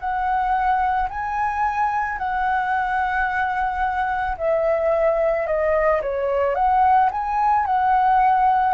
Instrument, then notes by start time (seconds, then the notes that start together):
flute
0.00 F#5
1.10 G#5
2.18 F#5
4.37 E5
5.46 D#5
6.02 C#5
6.56 F#5
7.12 G#5
7.66 F#5